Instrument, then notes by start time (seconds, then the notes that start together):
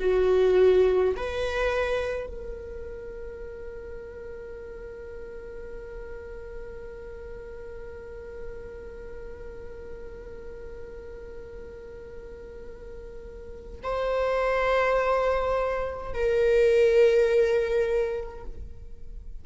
viola
0.00 F#4
1.17 B4
2.27 A#4
13.84 C5
16.14 A#4